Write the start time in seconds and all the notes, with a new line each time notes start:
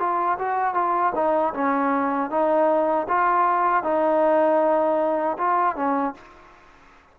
0.00 F4
0.39 F#4
0.74 F4
1.15 D#4
1.54 C#4
2.31 D#4
3.09 F4
3.84 D#4
5.38 F4
5.76 C#4